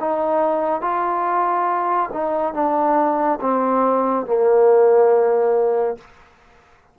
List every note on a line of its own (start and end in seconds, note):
0.00 0.81 D#4
0.81 2.10 F4
2.13 2.54 D#4
2.54 3.39 D4
3.41 4.26 C4
4.26 5.98 A#3